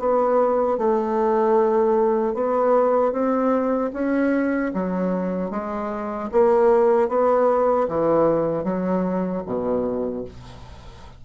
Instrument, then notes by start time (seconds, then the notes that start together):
bassoon
0.00 B3
0.78 A3
2.35 B3
3.13 C4
3.93 C#4
4.74 F#3
5.51 G#3
6.32 A#3
7.09 B3
7.89 E3
8.64 F#3
9.46 B2